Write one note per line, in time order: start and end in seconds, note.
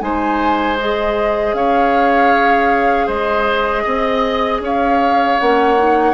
0.00 1.54 G#3
0.00 0.77 D#4
0.00 1.56 C5
0.00 0.78 G#5
0.79 5.42 G#4
0.79 1.55 D#5
1.54 3.07 C#4
1.54 3.07 C#5
1.54 3.08 F5
3.07 3.85 G#3
3.07 3.84 C5
3.07 4.62 D#5
3.84 4.61 C4
3.84 4.61 D#5
4.61 5.38 C#4
4.61 6.14 C#5
4.61 5.40 F5
5.40 6.14 A#3
5.40 5.79 C#4
5.40 6.14 F#5
5.79 6.14 D#4